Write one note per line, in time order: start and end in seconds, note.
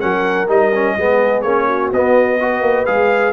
0.00 0.49 F#3
0.00 0.48 C#4
0.00 0.96 A#4
0.00 0.49 F#5
0.48 0.96 G3
0.48 0.72 D#4
0.48 1.42 D#5
0.75 0.99 C#4
0.96 1.44 G#3
0.96 1.46 B3
0.96 1.67 G#4
1.42 1.92 A#3
1.42 1.93 C#4
1.42 1.90 C#5
1.67 2.38 F#4
1.92 2.61 B3
1.92 2.40 B3
1.92 2.86 D#5
2.40 2.86 F#4
2.40 3.33 B4
2.61 2.85 A#3
2.86 3.33 G#3
2.86 3.33 G#4
2.86 3.33 F5